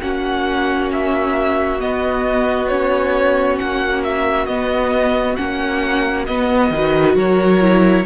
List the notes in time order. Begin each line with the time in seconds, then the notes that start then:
0.00 A#3 C#4 F#4 F#5
0.92 E5
1.79 B3 D#5
2.68 C#4 C#5
3.57 A#3 F#5
4.03 E5
4.46 B3 D#5
5.35 A#3 C#4 F#5
6.25 B3 D#5
6.70 D#3 F#4 B4
7.15 F#3 A#4 C#5
7.61 E4